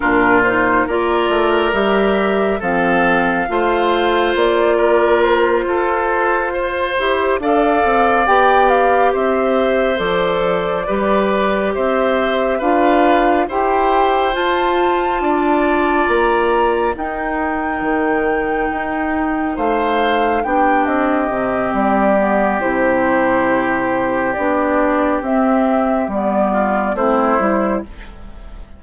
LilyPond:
<<
  \new Staff \with { instrumentName = "flute" } { \time 4/4 \tempo 4 = 69 ais'8 c''8 d''4 e''4 f''4~ | f''4 d''4 c''2~ | c''8 f''4 g''8 f''8 e''4 d''8~ | d''4. e''4 f''4 g''8~ |
g''8 a''2 ais''4 g''8~ | g''2~ g''8 f''4 g''8 | dis''4 d''4 c''2 | d''4 e''4 d''4 c''4 | }
  \new Staff \with { instrumentName = "oboe" } { \time 4/4 f'4 ais'2 a'4 | c''4. ais'4 a'4 c''8~ | c''8 d''2 c''4.~ | c''8 b'4 c''4 b'4 c''8~ |
c''4. d''2 ais'8~ | ais'2~ ais'8 c''4 g'8~ | g'1~ | g'2~ g'8 f'8 e'4 | }
  \new Staff \with { instrumentName = "clarinet" } { \time 4/4 d'8 dis'8 f'4 g'4 c'4 | f'1 | g'8 a'4 g'2 a'8~ | a'8 g'2 f'4 g'8~ |
g'8 f'2. dis'8~ | dis'2.~ dis'8 d'8~ | d'8 c'4 b8 e'2 | d'4 c'4 b4 c'8 e'8 | }
  \new Staff \with { instrumentName = "bassoon" } { \time 4/4 ais,4 ais8 a8 g4 f4 | a4 ais4. f'4. | e'8 d'8 c'8 b4 c'4 f8~ | f8 g4 c'4 d'4 e'8~ |
e'8 f'4 d'4 ais4 dis'8~ | dis'8 dis4 dis'4 a4 b8 | c'8 c8 g4 c2 | b4 c'4 g4 a8 g8 | }
>>